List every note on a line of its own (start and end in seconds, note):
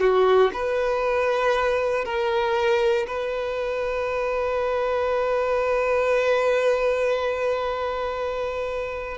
0.00 0.51 F#4
0.53 2.05 B4
2.05 3.06 A#4
3.07 9.18 B4